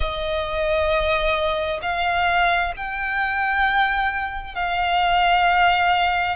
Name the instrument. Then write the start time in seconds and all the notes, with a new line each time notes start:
violin
0.00 D#5
1.81 F5
2.76 G5
4.55 F5